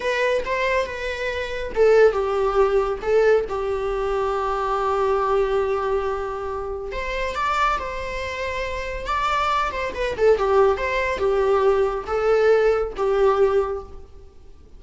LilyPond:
\new Staff \with { instrumentName = "viola" } { \time 4/4 \tempo 4 = 139 b'4 c''4 b'2 | a'4 g'2 a'4 | g'1~ | g'1 |
c''4 d''4 c''2~ | c''4 d''4. c''8 b'8 a'8 | g'4 c''4 g'2 | a'2 g'2 | }